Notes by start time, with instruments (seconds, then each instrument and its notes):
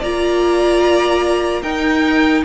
0.00 cello A#3, viola F4, violin D5 A#5
1.62 cello D#4, viola D#4, violin A#4 G5